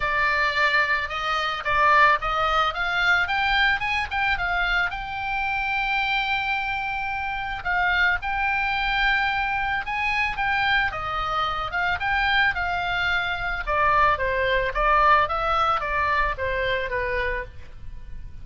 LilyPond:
\new Staff \with { instrumentName = "oboe" } { \time 4/4 \tempo 4 = 110 d''2 dis''4 d''4 | dis''4 f''4 g''4 gis''8 g''8 | f''4 g''2.~ | g''2 f''4 g''4~ |
g''2 gis''4 g''4 | dis''4. f''8 g''4 f''4~ | f''4 d''4 c''4 d''4 | e''4 d''4 c''4 b'4 | }